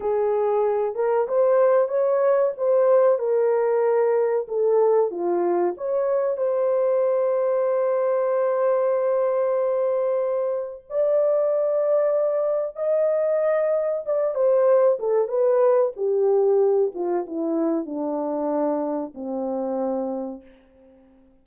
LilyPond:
\new Staff \with { instrumentName = "horn" } { \time 4/4 \tempo 4 = 94 gis'4. ais'8 c''4 cis''4 | c''4 ais'2 a'4 | f'4 cis''4 c''2~ | c''1~ |
c''4 d''2. | dis''2 d''8 c''4 a'8 | b'4 g'4. f'8 e'4 | d'2 c'2 | }